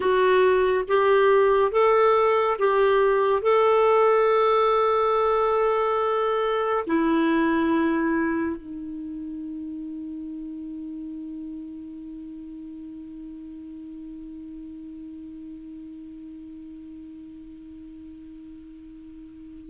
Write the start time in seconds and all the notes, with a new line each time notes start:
0.00 F#4
0.88 G4
1.71 A4
2.59 G4
3.42 A4
6.86 E4
8.56 D#4